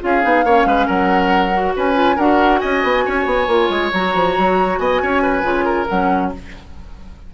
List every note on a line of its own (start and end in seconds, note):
0.00 0.24 C#4
0.00 0.22 F4
0.00 0.45 G#4
0.00 0.87 F5
0.22 0.43 B3
0.22 0.44 D#4
0.43 0.65 A#3
0.43 1.52 C#4
0.43 0.67 C#5
0.65 0.86 G#3
0.65 0.86 B4
0.86 1.75 F#3
0.86 1.73 A#4
0.86 1.74 F#5
1.52 1.94 F#4
1.76 2.17 C#4
1.76 2.16 B4
1.76 2.18 G#5
1.94 2.16 F4
2.16 2.60 D4
2.16 3.48 F#4
2.16 2.59 A#4
2.16 2.59 F#5
2.59 2.83 C#4
2.59 3.04 D#5
2.59 3.89 G#5
2.83 3.05 B3
3.05 3.25 C#4
3.05 4.79 C#5
3.25 3.47 B3
3.47 3.69 A#3
3.47 3.92 F4
3.69 3.91 G#3
3.93 4.14 F#3
3.93 5.42 F#4
3.93 4.77 A#5
4.14 4.36 F3
4.37 4.78 F#3
4.77 5.00 B3
4.77 5.01 D#5
4.77 5.86 G#5
5.02 5.42 C#4
5.02 5.22 C#5
5.22 5.64 B4
5.42 5.86 C#3
5.42 5.86 F4
5.64 6.30 A#4
5.88 6.34 F#3
5.88 6.34 C#4
5.88 6.32 F#5